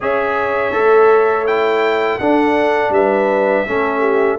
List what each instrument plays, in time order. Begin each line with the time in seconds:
0.00 tuba C#4, trombone G#4, horn C#5, trumpet E5
0.72 tuba A3, trombone A4
1.46 trombone E4, trumpet G5
2.18 tuba D4, trombone D4, horn A4, trumpet F#5
2.89 tuba G3, horn B4, trumpet E5
3.66 tuba A3, trombone C#4, horn A4
4.00 horn G4